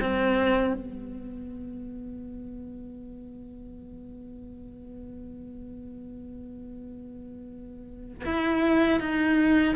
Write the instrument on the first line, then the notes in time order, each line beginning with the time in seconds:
cello
0.00 C4
0.74 B3
8.25 E4
9.00 D#4